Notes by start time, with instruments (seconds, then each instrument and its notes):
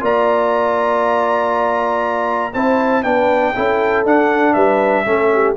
0.00 tuba A#3, trombone F4, horn D5, trumpet A#5
2.53 tuba C4, trombone E4, horn C5, trumpet A5
3.03 tuba B3, trombone D4, horn B4, trumpet G5
3.54 tuba C#4, trombone E4, horn A4
4.05 tuba D4, trombone D4, trumpet F#5
4.53 tuba G3, horn B4, trumpet E5
5.05 tuba A3, trombone C#4, horn A4
5.33 horn G4